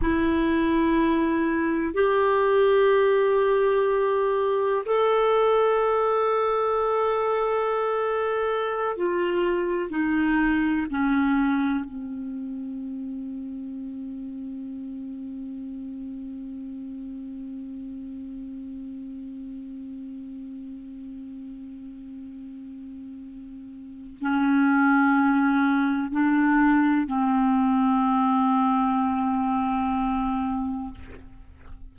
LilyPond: \new Staff \with { instrumentName = "clarinet" } { \time 4/4 \tempo 4 = 62 e'2 g'2~ | g'4 a'2.~ | a'4~ a'16 f'4 dis'4 cis'8.~ | cis'16 c'2.~ c'8.~ |
c'1~ | c'1~ | c'4 cis'2 d'4 | c'1 | }